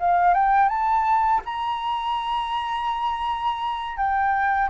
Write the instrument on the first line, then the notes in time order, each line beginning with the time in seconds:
flute
0.00 F5
0.34 G5
0.69 A5
1.46 A#5
3.97 G5